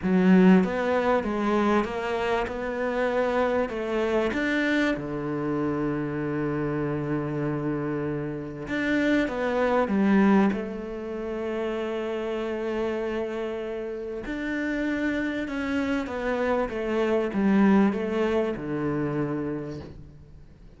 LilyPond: \new Staff \with { instrumentName = "cello" } { \time 4/4 \tempo 4 = 97 fis4 b4 gis4 ais4 | b2 a4 d'4 | d1~ | d2 d'4 b4 |
g4 a2.~ | a2. d'4~ | d'4 cis'4 b4 a4 | g4 a4 d2 | }